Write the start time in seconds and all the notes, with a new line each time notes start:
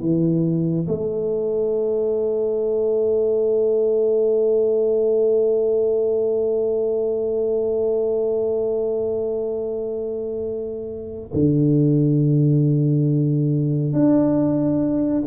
0.00 E3
0.88 A3
11.34 D3
13.93 D4